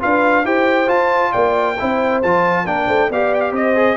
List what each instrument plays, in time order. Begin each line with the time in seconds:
0.00 tuba D4, trombone F4, horn B4, trumpet F5
0.44 tuba E4, trombone G4, horn C5, trumpet G5
0.87 trombone F4, tuba F4, trumpet A5
1.31 tuba A#3, horn D5, trumpet G5
1.79 tuba C4, trombone E4, horn C5
2.22 tuba F3, trombone F4, trumpet A5
2.64 tuba A#3, trombone D4, horn A#4, trumpet G5
2.86 tuba A3, horn C5
3.09 tuba B3, trombone G4, horn D5, trumpet F5
3.34 trumpet G5
3.40 trumpet F5
3.52 tuba C4, horn C5, trumpet D#5
3.75 trombone G#4